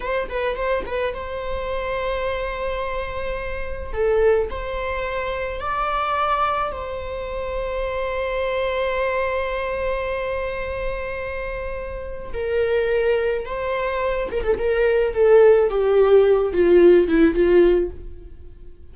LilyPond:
\new Staff \with { instrumentName = "viola" } { \time 4/4 \tempo 4 = 107 c''8 b'8 c''8 b'8 c''2~ | c''2. a'4 | c''2 d''2 | c''1~ |
c''1~ | c''2 ais'2 | c''4. ais'16 a'16 ais'4 a'4 | g'4. f'4 e'8 f'4 | }